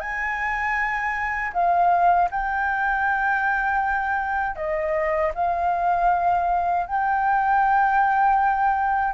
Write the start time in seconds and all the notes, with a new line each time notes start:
0.00 G#5
1.53 F5
2.31 G5
4.56 D#5
5.34 F5
6.86 G5